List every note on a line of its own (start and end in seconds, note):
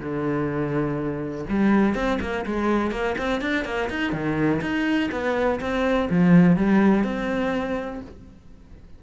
0.00 1.45 D3
1.50 1.95 G3
1.95 2.19 C4
2.21 2.45 A#3
2.46 2.91 G#3
2.91 3.16 A#3
3.18 3.41 C4
3.41 3.65 D4
3.65 3.89 A#3
3.90 4.13 D#4
4.13 4.61 D#3
4.61 5.10 D#4
5.12 5.60 B3
5.61 6.09 C4
6.10 6.57 F3
6.57 7.04 G3
7.04 8.01 C4